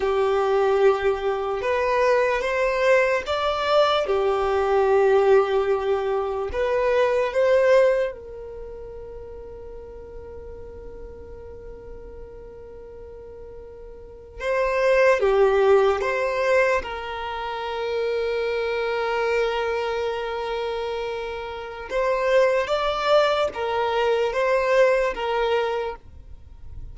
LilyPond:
\new Staff \with { instrumentName = "violin" } { \time 4/4 \tempo 4 = 74 g'2 b'4 c''4 | d''4 g'2. | b'4 c''4 ais'2~ | ais'1~ |
ais'4.~ ais'16 c''4 g'4 c''16~ | c''8. ais'2.~ ais'16~ | ais'2. c''4 | d''4 ais'4 c''4 ais'4 | }